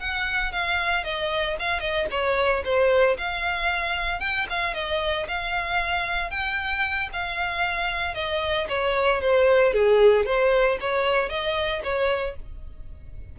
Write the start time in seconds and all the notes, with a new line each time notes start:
0.00 F#5
0.53 F5
1.05 D#5
1.60 F5
1.80 D#5
2.11 C#5
2.65 C5
3.18 F5
4.21 G5
4.50 F5
4.75 D#5
5.28 F5
6.31 G5
7.13 F5
8.15 D#5
8.69 C#5
9.22 C5
9.74 G#4
10.26 C5
10.81 C#5
11.30 D#5
11.84 C#5